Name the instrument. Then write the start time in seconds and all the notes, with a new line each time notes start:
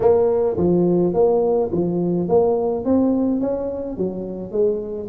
tuba
0.00 A#3
0.57 F3
1.13 A#3
1.71 F3
2.28 A#3
2.85 C4
3.40 C#4
3.97 F#3
4.51 G#3